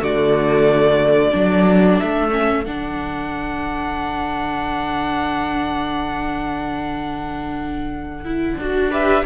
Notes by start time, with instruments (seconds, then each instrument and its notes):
0.00 cello D3, viola A3, violin F#4 D5
1.32 cello F#3, viola D4, violin A4
2.00 cello A3, violin E5
2.32 viola C#4
2.66 cello D3, viola D4, violin F#5
8.25 viola E4
8.58 cello D4, viola F#4
8.91 viola G4, violin B4 E5